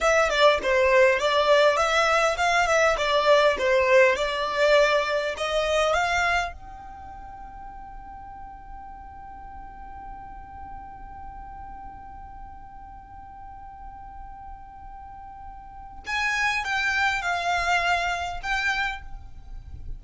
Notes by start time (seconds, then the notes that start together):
0.00 E5
0.29 D5
0.62 C5
1.19 D5
1.77 E5
2.37 F5
2.67 E5
2.97 D5
3.58 C5
4.16 D5
5.37 D#5
5.93 F5
6.52 G5
16.06 G#5
16.64 G5
17.22 F5
18.42 G5